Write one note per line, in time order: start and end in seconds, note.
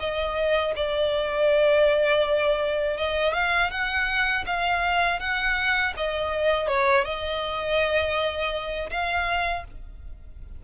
0.00 0.74 D#5
0.76 2.97 D5
2.97 3.34 D#5
3.34 3.71 F5
3.71 4.45 F#5
4.46 5.20 F5
5.20 5.94 F#5
5.97 6.68 D#5
6.68 7.05 C#5
7.05 8.90 D#5
8.90 9.64 F5